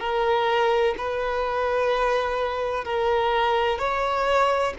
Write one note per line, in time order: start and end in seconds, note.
0.00 0.95 A#4
0.98 2.85 B4
2.85 3.79 A#4
3.79 4.74 C#5